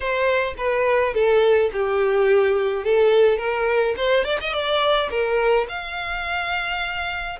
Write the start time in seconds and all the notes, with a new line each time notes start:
0.00 C5
0.57 B4
1.13 A4
1.73 G4
2.84 A4
3.38 A#4
3.96 C5
4.24 D5
4.40 D#5
4.53 D5
5.10 A#4
5.69 F5